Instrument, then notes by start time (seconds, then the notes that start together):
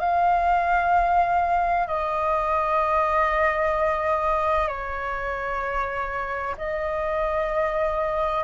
flute
0.00 F5
1.87 D#5
4.67 C#5
6.58 D#5